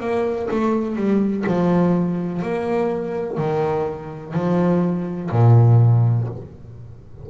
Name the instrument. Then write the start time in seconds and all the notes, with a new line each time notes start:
double bass
0.00 A#3
0.51 A3
0.96 G3
1.46 F3
2.42 A#3
3.37 D#3
4.33 F3
5.31 A#2